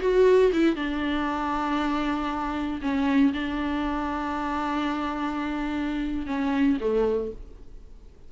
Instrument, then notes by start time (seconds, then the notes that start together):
viola
0.00 F#4
0.52 E4
0.75 D4
2.81 C#4
3.33 D4
6.26 C#4
6.80 A3